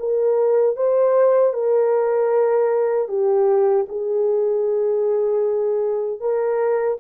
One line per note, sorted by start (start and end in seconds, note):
0.00 0.77 A#4
0.77 1.54 C5
1.54 3.09 A#4
3.09 3.86 G4
3.89 6.21 G#4
6.21 6.98 A#4